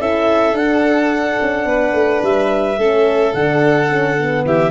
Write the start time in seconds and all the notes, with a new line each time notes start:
0.00 C#4 E4 A4 E5
0.53 D4 F#5
1.42 C#4
1.65 B3 B4
1.93 A3
2.23 G3 E5
2.78 A3 C#4 A4
3.33 D3 D4 F#5
3.89 C#4
4.17 B3
4.45 E3 G4 E5